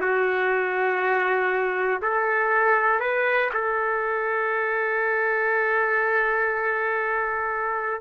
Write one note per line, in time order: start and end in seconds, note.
0.00 2.00 F#4
2.02 3.00 A4
3.00 3.50 B4
3.53 8.00 A4